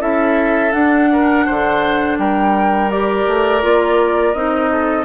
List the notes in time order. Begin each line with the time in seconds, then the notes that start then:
0.00 C#4 E4 A4 E5
0.72 D4 F#5
1.13 A#4
1.46 D3 C5
2.18 G3 A#4 G5
2.91 G4 D5
3.28 A3
3.62 A#3 F4
4.34 C4 D#4 D#5
4.72 A4